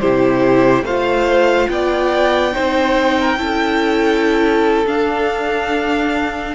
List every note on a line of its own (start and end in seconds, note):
0.00 0.83 C3
0.00 0.85 E4
0.00 0.85 G4
0.00 0.85 C5
0.83 1.67 A3
0.83 2.53 F4
0.83 1.69 C5
0.83 1.69 F5
1.69 2.54 B3
1.69 2.54 D5
1.69 4.86 G5
2.53 3.37 C4
2.53 3.37 D#4
2.53 3.17 C5
3.20 3.38 A#4
3.37 4.85 C#4
3.37 4.85 E4
3.37 6.55 A4
4.86 6.55 D4
4.86 6.55 F5